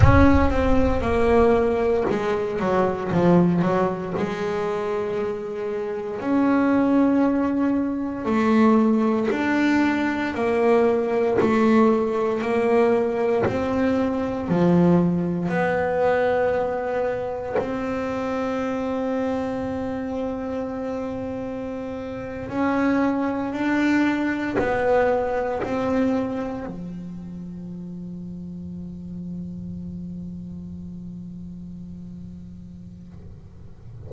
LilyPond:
\new Staff \with { instrumentName = "double bass" } { \time 4/4 \tempo 4 = 58 cis'8 c'8 ais4 gis8 fis8 f8 fis8 | gis2 cis'2 | a4 d'4 ais4 a4 | ais4 c'4 f4 b4~ |
b4 c'2.~ | c'4.~ c'16 cis'4 d'4 b16~ | b8. c'4 f2~ f16~ | f1 | }